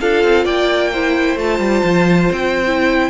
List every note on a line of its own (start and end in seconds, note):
0.00 0.23 D4
0.00 0.93 F4
0.00 0.44 A4
0.00 0.45 F5
0.23 0.45 C4
0.44 1.36 A#3
0.44 0.90 D5
0.44 1.37 G5
0.92 1.38 E4
0.92 3.09 C5
1.36 1.59 A3
1.36 2.65 F4
1.36 2.31 A5
1.59 1.82 G3
1.83 2.29 F3
2.31 3.09 C4
2.31 3.09 G5
2.66 3.09 E4